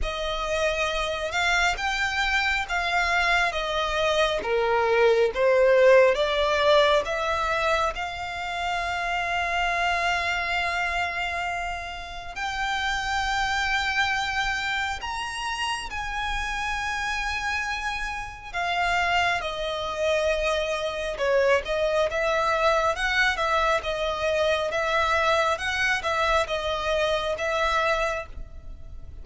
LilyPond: \new Staff \with { instrumentName = "violin" } { \time 4/4 \tempo 4 = 68 dis''4. f''8 g''4 f''4 | dis''4 ais'4 c''4 d''4 | e''4 f''2.~ | f''2 g''2~ |
g''4 ais''4 gis''2~ | gis''4 f''4 dis''2 | cis''8 dis''8 e''4 fis''8 e''8 dis''4 | e''4 fis''8 e''8 dis''4 e''4 | }